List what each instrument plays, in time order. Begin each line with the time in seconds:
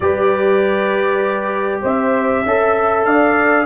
0.00 tuba G3, trombone G4, horn B4, trumpet D5
1.81 tuba C4, horn C5, trumpet E5
2.45 tuba C#4, trombone A4, horn E5
3.05 tuba D4, horn D5, trumpet F5